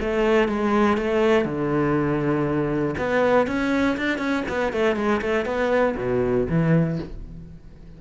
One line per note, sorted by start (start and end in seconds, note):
0.00 0.48 A3
0.48 0.97 G#3
0.97 1.45 A3
1.45 2.95 D3
2.98 3.47 B3
3.47 3.97 C#4
3.97 4.18 D4
4.18 4.43 C#4
4.49 4.72 B3
4.72 4.96 A3
4.96 5.21 G#3
5.22 5.45 A3
5.45 5.95 B3
5.97 6.47 B2
6.49 6.99 E3